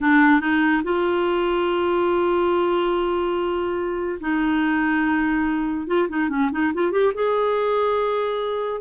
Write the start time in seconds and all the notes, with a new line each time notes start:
0.00 D4
0.40 D#4
0.83 F4
4.20 D#4
5.87 F4
6.09 D#4
6.29 C#4
6.51 D#4
6.74 F4
6.91 G4
7.14 G#4